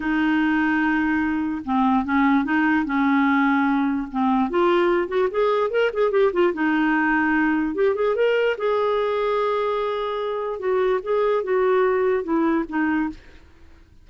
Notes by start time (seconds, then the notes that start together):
0.00 D#4
1.64 C4
2.04 C#4
2.44 D#4
2.85 C#4
4.11 C4
4.49 F4
5.08 F#4
5.30 G#4
5.70 A#4
5.93 G#4
6.11 G4
6.33 F4
6.53 D#4
7.74 G4
7.95 G#4
8.15 A#4
8.57 G#4
10.59 F#4
11.02 G#4
11.43 F#4
12.23 E4
12.68 D#4